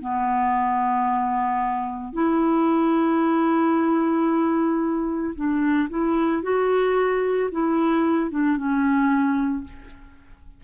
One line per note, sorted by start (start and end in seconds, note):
0.00 2.13 B3
2.13 5.34 E4
5.35 5.89 D4
5.89 6.42 E4
6.42 7.50 F#4
7.51 8.30 E4
8.30 8.57 D4
8.57 9.64 C#4